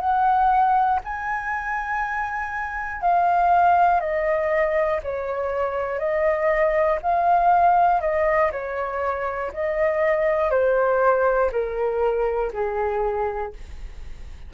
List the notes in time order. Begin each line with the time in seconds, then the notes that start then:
0.00 F#5
1.04 G#5
3.01 F5
4.00 D#5
5.03 C#5
5.99 D#5
7.02 F5
8.01 D#5
8.51 C#5
9.53 D#5
10.50 C5
11.51 A#4
12.53 G#4